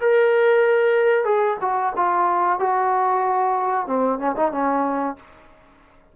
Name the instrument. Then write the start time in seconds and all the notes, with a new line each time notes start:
trombone
0.00 A#4
1.24 G#4
1.61 F#4
1.96 F4
2.59 F#4
3.86 C4
4.19 C#4
4.36 D#4
4.51 C#4